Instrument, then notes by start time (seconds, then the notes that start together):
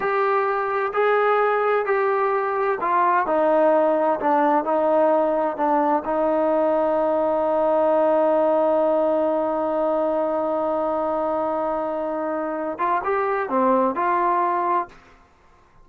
trombone
0.00 G4
0.93 G#4
1.85 G4
2.80 F4
3.26 D#4
4.20 D4
4.64 D#4
5.56 D4
6.04 D#4
12.78 F4
13.04 G4
13.49 C4
13.95 F4